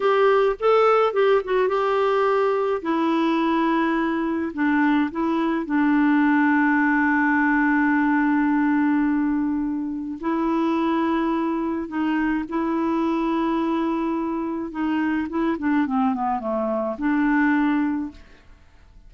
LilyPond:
\new Staff \with { instrumentName = "clarinet" } { \time 4/4 \tempo 4 = 106 g'4 a'4 g'8 fis'8 g'4~ | g'4 e'2. | d'4 e'4 d'2~ | d'1~ |
d'2 e'2~ | e'4 dis'4 e'2~ | e'2 dis'4 e'8 d'8 | c'8 b8 a4 d'2 | }